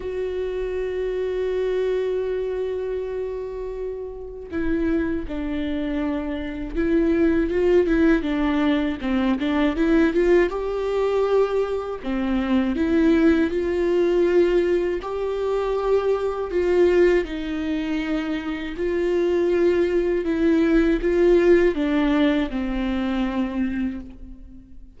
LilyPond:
\new Staff \with { instrumentName = "viola" } { \time 4/4 \tempo 4 = 80 fis'1~ | fis'2 e'4 d'4~ | d'4 e'4 f'8 e'8 d'4 | c'8 d'8 e'8 f'8 g'2 |
c'4 e'4 f'2 | g'2 f'4 dis'4~ | dis'4 f'2 e'4 | f'4 d'4 c'2 | }